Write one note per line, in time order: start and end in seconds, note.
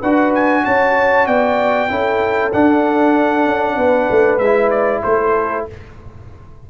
0.00 0.65 D4
0.00 1.89 F#4
0.00 0.62 B4
0.00 0.33 F#5
0.34 0.65 G#5
0.65 1.27 C#4
0.65 1.27 C#5
0.65 1.27 A5
1.27 1.89 B3
1.27 1.90 D5
1.27 2.52 G5
1.89 2.53 C#4
1.89 2.51 E4
1.89 3.76 A4
2.53 4.41 D4
2.53 3.46 D4
2.53 4.38 F#5
3.46 3.77 C#4
3.76 4.08 B3
3.76 5.01 B4
4.10 4.38 A3
4.38 5.01 G#3
4.38 4.70 E5
4.45 5.70 E4
4.70 5.01 D5
5.03 5.67 A3
5.03 5.66 A4
5.03 5.65 C5